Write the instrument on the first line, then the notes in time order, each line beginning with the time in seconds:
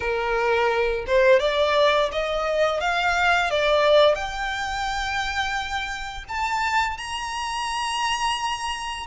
violin
0.00 A#4
1.06 C5
1.39 D5
2.12 D#5
2.80 F5
3.50 D5
4.15 G5
6.28 A5
6.97 A#5